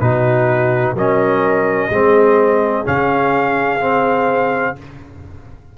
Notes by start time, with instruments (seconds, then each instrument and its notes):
0.00 tuba B2, trombone D#4, horn F#4, trumpet B4
0.95 tuba F#3, trombone C#4, horn A#4, trumpet D#5
1.90 tuba G#3, trombone C4, horn G#4
2.85 tuba C#3, trombone C#4, trumpet F5
3.80 trombone C4